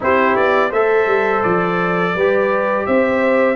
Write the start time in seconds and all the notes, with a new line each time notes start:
0.00 C4 E4 G4 C5
0.36 B3 D5
0.69 A3 A4 C5 E5
1.06 G3
1.43 F3 D5
2.14 G3 G4 B4
2.86 C4 C5 E5